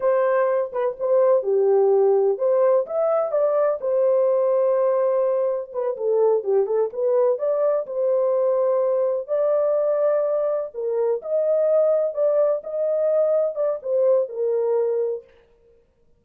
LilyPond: \new Staff \with { instrumentName = "horn" } { \time 4/4 \tempo 4 = 126 c''4. b'8 c''4 g'4~ | g'4 c''4 e''4 d''4 | c''1 | b'8 a'4 g'8 a'8 b'4 d''8~ |
d''8 c''2. d''8~ | d''2~ d''8 ais'4 dis''8~ | dis''4. d''4 dis''4.~ | dis''8 d''8 c''4 ais'2 | }